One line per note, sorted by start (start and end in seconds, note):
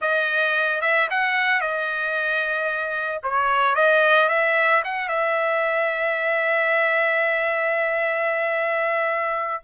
0.01 0.81 D#5
0.81 1.07 E5
1.10 1.60 F#5
1.60 3.21 D#5
3.23 3.75 C#5
3.75 4.28 D#5
4.28 4.82 E5
4.84 5.08 F#5
5.08 9.63 E5